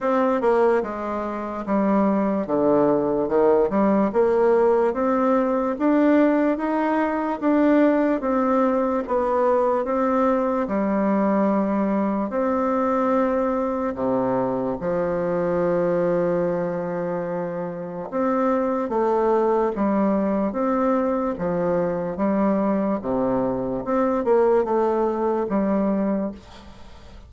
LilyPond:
\new Staff \with { instrumentName = "bassoon" } { \time 4/4 \tempo 4 = 73 c'8 ais8 gis4 g4 d4 | dis8 g8 ais4 c'4 d'4 | dis'4 d'4 c'4 b4 | c'4 g2 c'4~ |
c'4 c4 f2~ | f2 c'4 a4 | g4 c'4 f4 g4 | c4 c'8 ais8 a4 g4 | }